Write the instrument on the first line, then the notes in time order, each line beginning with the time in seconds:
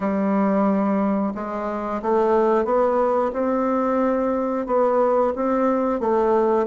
bassoon
0.00 G3
1.35 G#3
2.02 A3
2.65 B3
3.32 C4
4.66 B3
5.35 C4
5.99 A3